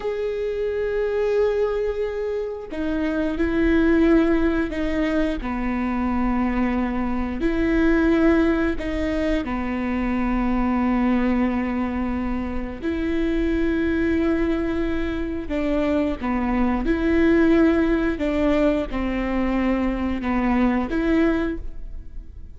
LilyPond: \new Staff \with { instrumentName = "viola" } { \time 4/4 \tempo 4 = 89 gis'1 | dis'4 e'2 dis'4 | b2. e'4~ | e'4 dis'4 b2~ |
b2. e'4~ | e'2. d'4 | b4 e'2 d'4 | c'2 b4 e'4 | }